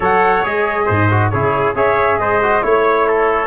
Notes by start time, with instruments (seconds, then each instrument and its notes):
0.00 tuba F#3, trombone A4, trumpet C#5, flute F#5
0.43 tuba G#3, trombone G#4, flute D#5
0.85 tuba G#2, trumpet C5
1.10 trombone F#4
1.29 tuba C#3, trombone E4, trumpet G#4, flute C#5
1.74 tuba C#4, trombone G#4, trumpet C#5, flute E5
2.18 tuba G#3, trumpet C5, flute D#5
2.42 trombone F#4
2.62 tuba A3, trombone E4, flute C#5, trumpet C#5
3.07 trumpet A4